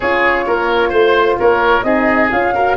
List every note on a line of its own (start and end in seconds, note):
0.00 0.47 C#4
0.00 1.83 F4
0.00 0.45 G#4
0.00 0.92 C#5
0.46 0.91 A#3
0.46 0.89 A#4
0.89 1.37 A3
0.89 1.35 C5
0.89 1.38 C5
1.39 1.83 A#3
1.39 1.85 A#4
1.39 1.83 C#5
1.83 2.29 C4
1.83 2.29 D#4
1.83 2.54 G#4
1.83 2.29 D#5
2.31 2.77 C#4
2.31 2.54 F4
2.31 2.77 F5
2.54 2.77 F#4
2.54 2.77 A#4